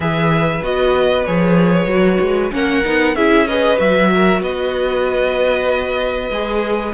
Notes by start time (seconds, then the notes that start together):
0.00 E3 G#4 B4 E5
0.62 B3 F#4 D#5
1.25 F3 G#4 C#5
1.86 F#3 F#4
2.20 G#3
2.51 A#3 C#4 A#4 F#5
2.84 B3 D#4
3.15 C#4 E4 G#4 E5
3.46 G#4 B4 D#5
3.77 F#3 F#4 E5
4.14 A#4
4.40 B3 B4 D#5
6.30 G#3 G#4